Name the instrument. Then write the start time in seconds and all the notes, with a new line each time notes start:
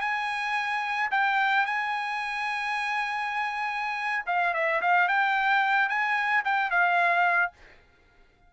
trumpet
0.00 G#5
1.11 G5
1.65 G#5
4.26 F5
4.53 E5
4.81 F5
5.08 G5
5.89 G#5
6.44 G5
6.70 F5